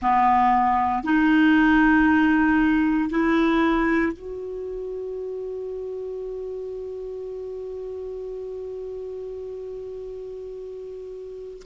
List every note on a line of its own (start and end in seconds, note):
0.02 1.03 B3
1.03 3.10 D#4
3.10 4.12 E4
4.12 11.62 F#4